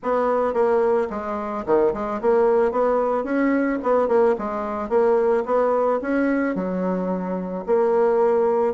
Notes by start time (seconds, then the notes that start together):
0.02 B3
0.53 A#3
1.10 G#3
1.65 D#3
1.93 G#3
2.21 A#3
2.71 B3
3.23 C#4
3.82 B3
4.08 A#3
4.38 G#3
4.89 A#3
5.45 B3
6.01 C#4
6.55 F#3
7.66 A#3